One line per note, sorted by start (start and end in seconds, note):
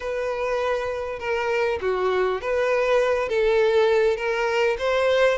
0.00 1.19 B4
1.19 1.79 A#4
1.81 2.41 F#4
2.41 3.28 B4
3.28 4.16 A4
4.16 4.76 A#4
4.78 5.38 C5